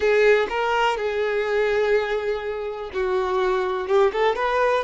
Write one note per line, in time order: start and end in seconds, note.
0.00 0.47 G#4
0.49 0.97 A#4
0.97 2.91 G#4
2.93 3.87 F#4
3.87 4.11 G4
4.12 4.35 A4
4.35 4.84 B4